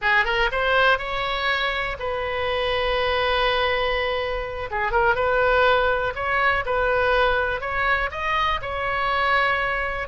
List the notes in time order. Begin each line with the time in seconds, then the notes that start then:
0.01 G#4
0.25 A#4
0.51 C5
0.98 C#5
1.99 B4
4.70 G#4
4.91 A#4
5.15 B4
6.15 C#5
6.65 B4
7.61 C#5
8.11 D#5
8.61 C#5